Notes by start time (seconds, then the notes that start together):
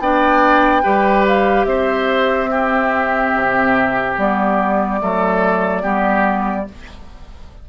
0.00 B3 D4 D5 G5
0.83 G3 G4 B4
1.28 F5
1.65 C4 C5 E5
2.51 C4 G4
3.35 C3
4.17 G3 B3 D5
5.01 F#3 A3 A4
5.82 G3 B3 G4